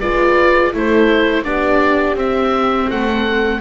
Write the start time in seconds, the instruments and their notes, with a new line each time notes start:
0.00 double bass G#3, viola F4, horn B4, oboe D5
0.72 double bass A3, viola E4, horn A4, oboe C5
1.44 double bass B3, viola D4, horn G4, oboe D5
2.14 double bass C4, viola C4, oboe E5
2.90 double bass A3, horn A4, oboe F#5